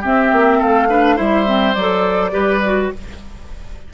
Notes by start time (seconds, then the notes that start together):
0.00 C4 G4 E5
0.32 A#3
0.58 A3 A4 F5
0.89 D4 B4
1.16 G3 E4 C5 E5
1.46 C4
1.73 F#3 D5
1.80 A4
2.31 G3 G4 B4
2.64 F#4